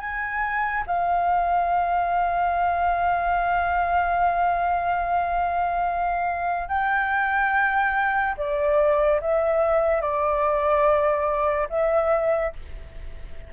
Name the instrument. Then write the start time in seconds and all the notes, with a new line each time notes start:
flute
0.00 G#5
0.86 F5
6.68 G5
8.37 D5
9.20 E5
10.01 D5
11.69 E5